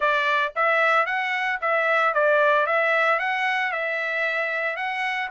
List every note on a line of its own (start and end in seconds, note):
0.00 0.53 D5
0.55 1.06 E5
1.06 1.59 F#5
1.61 2.14 E5
2.14 2.66 D5
2.66 3.19 E5
3.19 3.72 F#5
3.72 4.76 E5
4.76 5.29 F#5